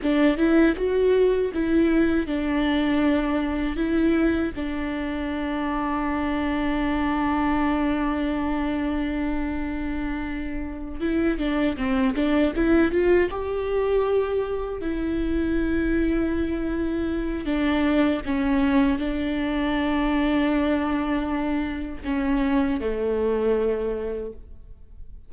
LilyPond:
\new Staff \with { instrumentName = "viola" } { \time 4/4 \tempo 4 = 79 d'8 e'8 fis'4 e'4 d'4~ | d'4 e'4 d'2~ | d'1~ | d'2~ d'8 e'8 d'8 c'8 |
d'8 e'8 f'8 g'2 e'8~ | e'2. d'4 | cis'4 d'2.~ | d'4 cis'4 a2 | }